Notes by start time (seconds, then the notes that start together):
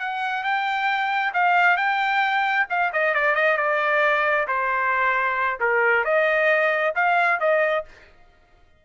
0.00 F#5
0.44 G5
1.34 F5
1.77 G5
2.70 F5
2.93 D#5
3.15 D5
3.36 D#5
3.58 D5
4.48 C5
5.60 A#4
6.05 D#5
6.95 F5
7.40 D#5